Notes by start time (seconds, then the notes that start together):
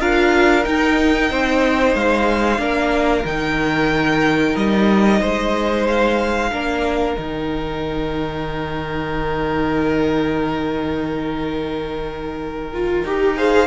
0.00 D4 F4 A#4 F5
0.65 D#4 G5
1.31 C4 C5
1.95 G#3 F5
2.59 A#3 D4 A#4
3.24 D#3 D#4 G5
4.56 G3 D#5
5.21 G#3 C5
5.88 F5
6.51 A#3 D4 A#4
7.16 D#3 D#4 G5
12.74 F4
13.04 D#4 G4
13.37 G#4 C5 F5